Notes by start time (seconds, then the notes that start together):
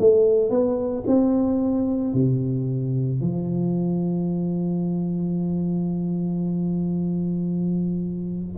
0.00 A3
0.50 B3
1.07 C4
2.14 C3
3.21 F3